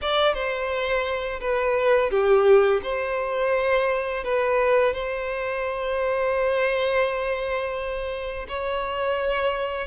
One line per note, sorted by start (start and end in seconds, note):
0.01 0.33 D5
0.33 1.39 C5
1.40 2.10 B4
2.10 2.80 G4
2.82 4.24 C5
4.24 4.93 B4
4.93 8.46 C5
8.48 9.87 C#5